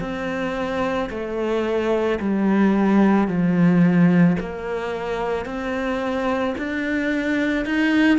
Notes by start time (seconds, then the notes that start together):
0.00 C4
1.10 A3
2.20 G3
3.27 F3
4.39 A#3
5.45 C4
6.58 D4
7.65 D#4